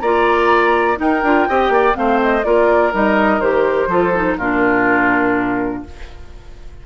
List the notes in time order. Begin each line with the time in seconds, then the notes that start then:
0.00 A#3 F4 D5 A#5
0.97 D#4 A#4 G5
1.23 D4 F4
1.48 C4 G4 D#5
1.69 A#3 D5
1.93 A3 C4 C5 F5
2.22 D#5
2.44 A#3 F4 A#4 D5
2.92 G3 D#4 D#5
3.41 D#3 G4 C5
3.87 F3 F4 A4
4.15 D#4
4.38 A#2 D4 F4 A#4